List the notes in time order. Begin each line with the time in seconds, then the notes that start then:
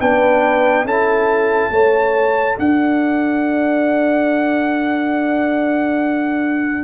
0.00 B3 D4 B4 G5
0.84 C#4 E4 A4 A5
1.70 A3 A4 C#5
2.57 D4 D5 F#5